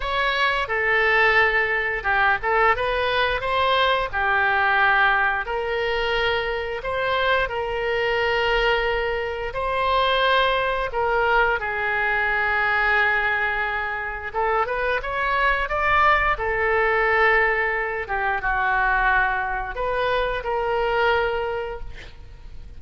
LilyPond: \new Staff \with { instrumentName = "oboe" } { \time 4/4 \tempo 4 = 88 cis''4 a'2 g'8 a'8 | b'4 c''4 g'2 | ais'2 c''4 ais'4~ | ais'2 c''2 |
ais'4 gis'2.~ | gis'4 a'8 b'8 cis''4 d''4 | a'2~ a'8 g'8 fis'4~ | fis'4 b'4 ais'2 | }